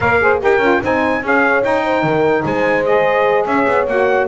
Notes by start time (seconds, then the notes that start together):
0.00 A#3 A#4 C#5 F5
0.19 G#4 C5
0.39 D#4 G4 A#4 G5
0.58 C#4 F4
0.82 C4 D#4 C5 G#5
1.22 C#4 G#4 C#5 F5
1.62 D#4 G5
1.84 C5
2.02 D#3 A#4
2.45 G#3 C5 G#5
2.85 G#4 D#5
3.45 C#4 C#5 E5
3.67 B3
3.87 A#3 F#4 F#5